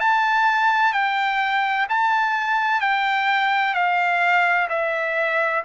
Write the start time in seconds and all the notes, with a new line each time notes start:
0.00 A5
0.93 G5
1.89 A5
2.81 G5
3.74 F5
4.70 E5